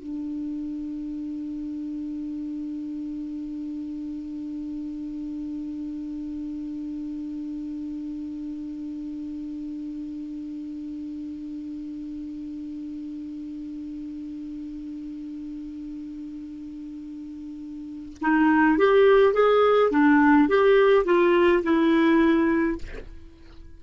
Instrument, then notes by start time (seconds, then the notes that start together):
clarinet
0.00 D4
18.22 D#4
18.79 G4
19.34 G#4
19.91 D4
20.49 G4
21.05 F4
21.63 E4